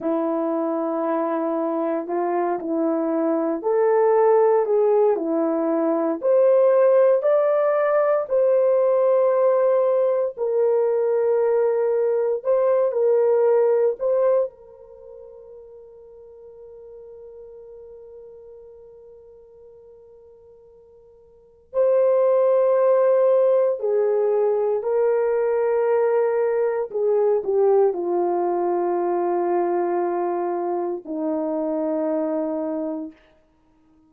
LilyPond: \new Staff \with { instrumentName = "horn" } { \time 4/4 \tempo 4 = 58 e'2 f'8 e'4 a'8~ | a'8 gis'8 e'4 c''4 d''4 | c''2 ais'2 | c''8 ais'4 c''8 ais'2~ |
ais'1~ | ais'4 c''2 gis'4 | ais'2 gis'8 g'8 f'4~ | f'2 dis'2 | }